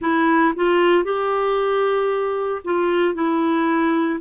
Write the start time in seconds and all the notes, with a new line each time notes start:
0.01 E4
0.55 F4
1.04 G4
2.64 F4
3.14 E4